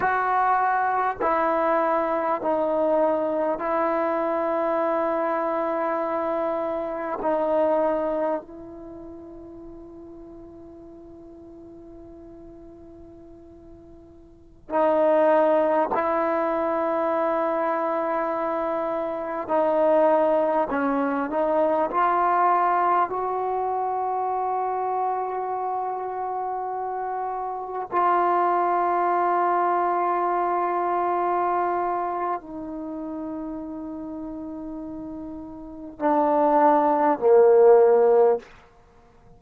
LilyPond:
\new Staff \with { instrumentName = "trombone" } { \time 4/4 \tempo 4 = 50 fis'4 e'4 dis'4 e'4~ | e'2 dis'4 e'4~ | e'1~ | e'16 dis'4 e'2~ e'8.~ |
e'16 dis'4 cis'8 dis'8 f'4 fis'8.~ | fis'2.~ fis'16 f'8.~ | f'2. dis'4~ | dis'2 d'4 ais4 | }